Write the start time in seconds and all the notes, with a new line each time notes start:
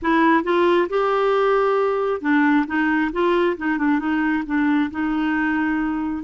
0.01 E4
0.43 F4
0.89 G4
2.21 D4
2.66 D#4
3.12 F4
3.57 D#4
3.78 D4
3.99 D#4
4.46 D4
4.90 D#4